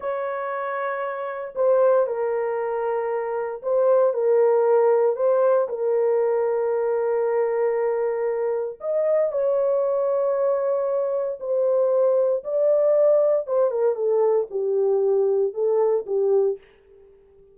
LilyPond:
\new Staff \with { instrumentName = "horn" } { \time 4/4 \tempo 4 = 116 cis''2. c''4 | ais'2. c''4 | ais'2 c''4 ais'4~ | ais'1~ |
ais'4 dis''4 cis''2~ | cis''2 c''2 | d''2 c''8 ais'8 a'4 | g'2 a'4 g'4 | }